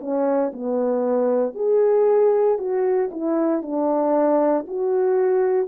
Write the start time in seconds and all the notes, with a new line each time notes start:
0.00 C#4
0.53 B3
1.55 G#4
2.58 F#4
3.11 E4
3.63 D4
4.67 F#4